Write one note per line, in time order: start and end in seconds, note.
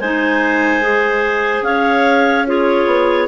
0.00 1.62 G#3
0.00 0.82 D#4
0.00 1.65 C5
0.00 1.64 G#5
0.82 2.46 G#4
1.62 2.85 C#4
1.62 2.47 C#5
1.62 2.46 F5
2.47 3.28 F4
2.47 3.28 G#4
2.47 3.28 C#5
2.86 3.28 B3